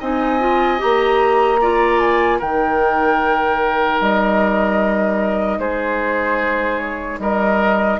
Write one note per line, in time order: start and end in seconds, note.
0.00 0.80 C4
0.00 0.40 D#4
0.00 1.60 D#5
0.00 0.81 G#5
0.40 0.78 F4
0.78 2.41 A#3
0.78 1.58 G4
0.78 1.99 A#5
1.61 2.41 F4
1.61 2.39 D5
1.99 2.39 G#5
2.39 4.00 D#3
2.39 8.00 D#4
2.39 5.58 A#4
2.39 4.00 G5
4.00 5.58 G3
4.00 5.59 D#5
5.58 7.19 G#3
5.58 7.19 G#4
5.58 6.78 C5
6.78 7.18 C#5
7.19 7.99 G3
7.19 8.00 A#4
7.19 8.00 D#5